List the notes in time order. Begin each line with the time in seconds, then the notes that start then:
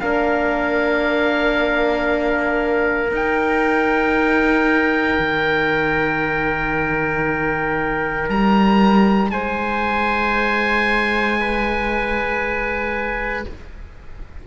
0.00 A#3 D4 A#4 F5
3.11 D#4 G5
5.19 D#3
8.29 G3 A#5
9.30 G#3 C5 G#5
11.40 B4